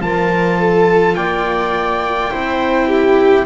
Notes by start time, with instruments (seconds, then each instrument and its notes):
0.00 double bass F3, cello F4, viola A#4, trumpet A5
0.59 viola A4
1.15 double bass A#3, viola D5, trumpet G5
2.31 double bass C4, cello E4, viola C5
2.87 viola G4